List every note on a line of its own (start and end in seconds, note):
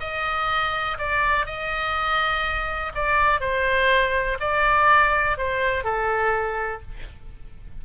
0.00 0.98 D#5
0.98 1.46 D5
1.46 2.92 D#5
2.95 3.41 D5
3.41 4.38 C5
4.40 5.37 D5
5.37 5.84 C5
5.84 6.82 A4